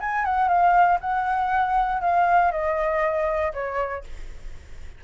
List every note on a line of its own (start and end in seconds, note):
0.00 0.25 G#5
0.25 0.48 F#5
0.48 0.98 F5
1.00 2.01 F#5
2.01 2.51 F5
2.51 3.52 D#5
3.53 4.04 C#5